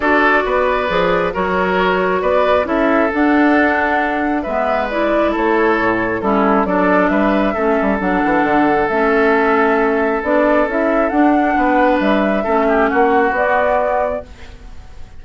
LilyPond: <<
  \new Staff \with { instrumentName = "flute" } { \time 4/4 \tempo 4 = 135 d''2. cis''4~ | cis''4 d''4 e''4 fis''4~ | fis''2 e''4 d''4 | cis''2 a'4 d''4 |
e''2 fis''2 | e''2. d''4 | e''4 fis''2 e''4~ | e''4 fis''4 d''2 | }
  \new Staff \with { instrumentName = "oboe" } { \time 4/4 a'4 b'2 ais'4~ | ais'4 b'4 a'2~ | a'2 b'2 | a'2 e'4 a'4 |
b'4 a'2.~ | a'1~ | a'2 b'2 | a'8 g'8 fis'2. | }
  \new Staff \with { instrumentName = "clarinet" } { \time 4/4 fis'2 gis'4 fis'4~ | fis'2 e'4 d'4~ | d'2 b4 e'4~ | e'2 cis'4 d'4~ |
d'4 cis'4 d'2 | cis'2. d'4 | e'4 d'2. | cis'2 b2 | }
  \new Staff \with { instrumentName = "bassoon" } { \time 4/4 d'4 b4 f4 fis4~ | fis4 b4 cis'4 d'4~ | d'2 gis2 | a4 a,4 g4 fis4 |
g4 a8 g8 fis8 e8 d4 | a2. b4 | cis'4 d'4 b4 g4 | a4 ais4 b2 | }
>>